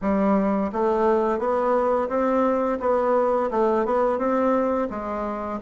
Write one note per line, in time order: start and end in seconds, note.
0.01 0.71 G3
0.72 1.38 A3
1.38 2.08 B3
2.09 2.78 C4
2.80 3.49 B3
3.51 3.85 A3
3.85 4.18 B3
4.18 4.88 C4
4.90 5.59 G#3